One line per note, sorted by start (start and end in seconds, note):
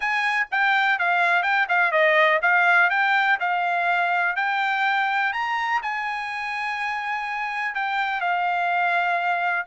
0.00 0.47 G#5
0.51 0.98 G5
0.98 1.42 F5
1.42 1.66 G5
1.68 1.91 F5
1.91 2.40 D#5
2.41 2.90 F5
2.90 3.38 G5
3.40 4.36 F5
4.36 5.32 G5
5.32 5.81 A#5
5.82 7.74 G#5
7.74 8.21 G5
8.21 9.66 F5